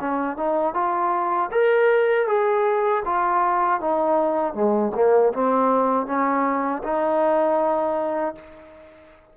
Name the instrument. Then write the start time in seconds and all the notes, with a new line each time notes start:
trombone
0.00 C#4
0.37 D#4
0.74 F4
1.52 A#4
2.27 G#4
3.05 F4
3.80 D#4
4.54 G#3
4.95 A#3
5.33 C4
6.06 C#4
6.83 D#4